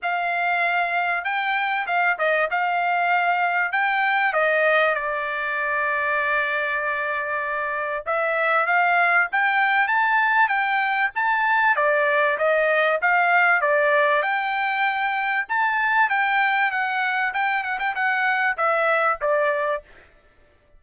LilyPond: \new Staff \with { instrumentName = "trumpet" } { \time 4/4 \tempo 4 = 97 f''2 g''4 f''8 dis''8 | f''2 g''4 dis''4 | d''1~ | d''4 e''4 f''4 g''4 |
a''4 g''4 a''4 d''4 | dis''4 f''4 d''4 g''4~ | g''4 a''4 g''4 fis''4 | g''8 fis''16 g''16 fis''4 e''4 d''4 | }